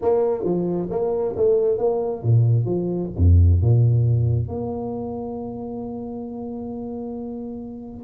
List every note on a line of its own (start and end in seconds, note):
0.01 0.44 A#3
0.44 0.88 F3
0.90 1.35 A#3
1.36 1.78 A3
1.78 2.22 A#3
2.22 2.65 A#2
2.65 3.10 F3
3.16 3.61 F2
3.61 4.48 A#2
4.48 8.04 A#3